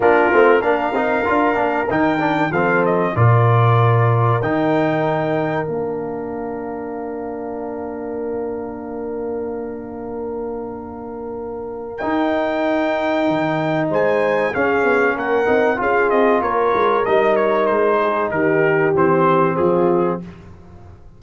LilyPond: <<
  \new Staff \with { instrumentName = "trumpet" } { \time 4/4 \tempo 4 = 95 ais'4 f''2 g''4 | f''8 dis''8 d''2 g''4~ | g''4 f''2.~ | f''1~ |
f''2. g''4~ | g''2 gis''4 f''4 | fis''4 f''8 dis''8 cis''4 dis''8 cis''8 | c''4 ais'4 c''4 gis'4 | }
  \new Staff \with { instrumentName = "horn" } { \time 4/4 f'4 ais'2. | a'4 ais'2.~ | ais'1~ | ais'1~ |
ais'1~ | ais'2 c''4 gis'4 | ais'4 gis'4 ais'2~ | ais'8 gis'8 g'2 f'4 | }
  \new Staff \with { instrumentName = "trombone" } { \time 4/4 d'8 c'8 d'8 dis'8 f'8 d'8 dis'8 d'8 | c'4 f'2 dis'4~ | dis'4 d'2.~ | d'1~ |
d'2. dis'4~ | dis'2. cis'4~ | cis'8 dis'8 f'2 dis'4~ | dis'2 c'2 | }
  \new Staff \with { instrumentName = "tuba" } { \time 4/4 ais8 a8 ais8 c'8 d'8 ais8 dis4 | f4 ais,2 dis4~ | dis4 ais2.~ | ais1~ |
ais2. dis'4~ | dis'4 dis4 gis4 cis'8 b8 | ais8 c'8 cis'8 c'8 ais8 gis8 g4 | gis4 dis4 e4 f4 | }
>>